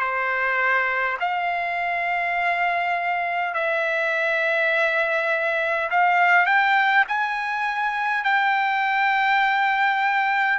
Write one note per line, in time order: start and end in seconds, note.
0.00 1.18 C5
1.20 3.54 F5
3.54 5.89 E5
5.90 6.46 F5
6.46 7.05 G5
7.08 8.24 G#5
8.24 10.59 G5